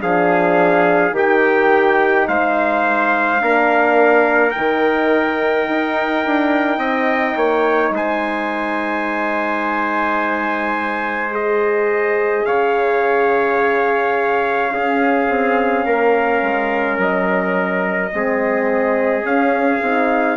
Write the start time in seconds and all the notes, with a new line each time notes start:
0.00 F3 D4 G#4 F5
1.11 D#3 D#4 G4 G5
2.28 G#3 C5 F5
3.39 A#3 D4 A#4
4.51 D#3 D#4 G5
5.68 D#4
6.25 D4
6.78 C4 D#5
7.36 A#3 C#5
7.90 G#3 C5 G#5
11.31 G#4 D#5
12.45 C#3 C#5 F5
14.70 C#4 G#4
15.29 C4
15.85 A#3 A#4
16.42 G#3
16.98 F#3 D#5
18.12 G#3 C4 G#4
19.22 C#4 F5
19.81 C4 D#4